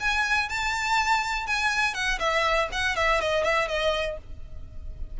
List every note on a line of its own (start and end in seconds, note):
0.00 0.49 G#5
0.49 1.47 A5
1.47 1.94 G#5
1.94 2.18 F#5
2.19 2.68 E5
2.72 2.96 F#5
2.96 3.21 E5
3.21 3.43 D#5
3.43 3.68 E5
3.68 4.17 D#5